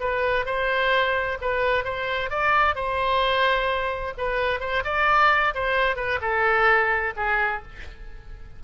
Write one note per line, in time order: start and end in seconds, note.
0.00 0.45 B4
0.45 1.38 C5
1.41 1.84 B4
1.84 2.30 C5
2.30 2.75 D5
2.75 4.13 C5
4.17 4.60 B4
4.60 4.83 C5
4.84 5.54 D5
5.54 5.96 C5
5.96 6.19 B4
6.21 7.13 A4
7.16 7.62 G#4